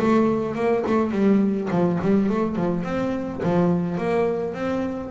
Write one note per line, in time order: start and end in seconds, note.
0.00 0.56 A3
0.56 0.84 A#3
0.87 1.12 A3
1.12 1.69 G3
1.71 2.00 F3
2.02 2.30 G3
2.30 2.56 A3
2.56 2.84 F3
2.84 3.41 C4
3.44 3.98 F3
3.98 4.55 A#3
4.55 5.11 C4